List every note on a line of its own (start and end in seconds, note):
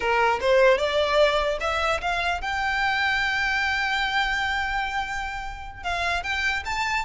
0.00 0.39 A#4
0.40 0.78 C5
0.78 1.58 D5
1.60 2.00 E5
2.01 2.41 F5
2.41 5.83 G5
5.83 6.23 F5
6.23 6.63 G5
6.65 7.05 A5